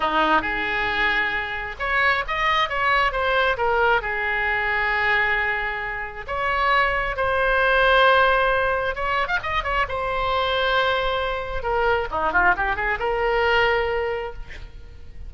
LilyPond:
\new Staff \with { instrumentName = "oboe" } { \time 4/4 \tempo 4 = 134 dis'4 gis'2. | cis''4 dis''4 cis''4 c''4 | ais'4 gis'2.~ | gis'2 cis''2 |
c''1 | cis''8. f''16 dis''8 cis''8 c''2~ | c''2 ais'4 dis'8 f'8 | g'8 gis'8 ais'2. | }